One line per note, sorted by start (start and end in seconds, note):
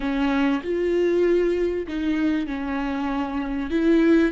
0.00 0.62 C#4
0.63 1.86 F4
1.87 2.47 D#4
2.47 3.70 C#4
3.70 4.32 E4